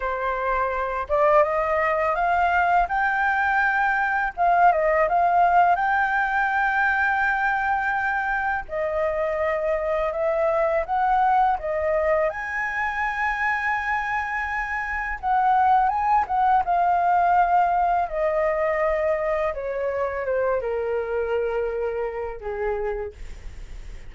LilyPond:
\new Staff \with { instrumentName = "flute" } { \time 4/4 \tempo 4 = 83 c''4. d''8 dis''4 f''4 | g''2 f''8 dis''8 f''4 | g''1 | dis''2 e''4 fis''4 |
dis''4 gis''2.~ | gis''4 fis''4 gis''8 fis''8 f''4~ | f''4 dis''2 cis''4 | c''8 ais'2~ ais'8 gis'4 | }